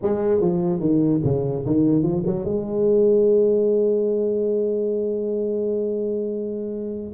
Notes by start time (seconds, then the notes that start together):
0.02 G#3
0.40 F3
0.80 D#3
1.24 C#3
1.66 D#3
2.02 F3
2.26 F#3
2.44 G#3